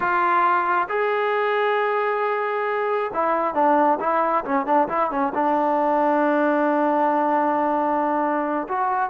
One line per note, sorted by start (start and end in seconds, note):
0.00 0.88 F4
0.88 3.11 G#4
3.13 3.54 E4
3.54 3.99 D4
4.00 4.44 E4
4.44 4.65 C#4
4.65 4.88 D4
4.88 5.10 E4
5.10 5.33 C#4
5.34 8.67 D4
8.68 9.09 F#4